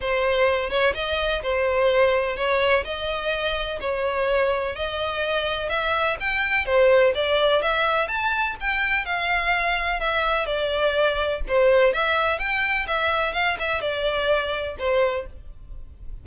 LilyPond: \new Staff \with { instrumentName = "violin" } { \time 4/4 \tempo 4 = 126 c''4. cis''8 dis''4 c''4~ | c''4 cis''4 dis''2 | cis''2 dis''2 | e''4 g''4 c''4 d''4 |
e''4 a''4 g''4 f''4~ | f''4 e''4 d''2 | c''4 e''4 g''4 e''4 | f''8 e''8 d''2 c''4 | }